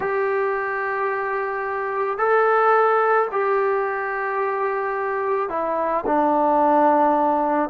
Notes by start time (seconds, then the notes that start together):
0.00 G4
2.18 A4
3.31 G4
5.49 E4
6.06 D4